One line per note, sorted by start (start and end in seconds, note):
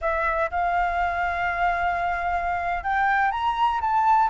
0.01 0.50 E5
0.51 2.83 F5
2.83 3.31 G5
3.31 3.80 A#5
3.80 4.29 A5